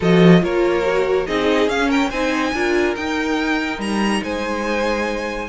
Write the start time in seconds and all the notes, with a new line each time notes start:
0.00 F3 F#4 A4 D#5
0.40 A#3 F4 A#4 C#5
0.84 F#4
1.26 C4 D#4 G#4 D#5
1.67 C#4 F5
1.88 A#4 G5
2.09 C4 D#4 C5 G#5
2.53 D4 F4 A#4
2.95 D#4 G5
3.78 G3 A#5
4.23 G#3 C5 G#5